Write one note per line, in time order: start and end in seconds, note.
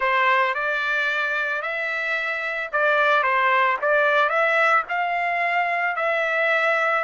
0.00 0.54 C5
0.54 1.61 D5
1.61 2.70 E5
2.72 3.23 D5
3.23 3.77 C5
3.81 4.29 D5
4.29 4.83 E5
4.88 5.96 F5
5.96 7.04 E5